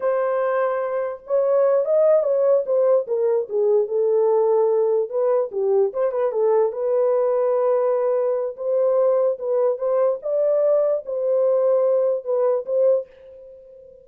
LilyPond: \new Staff \with { instrumentName = "horn" } { \time 4/4 \tempo 4 = 147 c''2. cis''4~ | cis''8 dis''4 cis''4 c''4 ais'8~ | ais'8 gis'4 a'2~ a'8~ | a'8 b'4 g'4 c''8 b'8 a'8~ |
a'8 b'2.~ b'8~ | b'4 c''2 b'4 | c''4 d''2 c''4~ | c''2 b'4 c''4 | }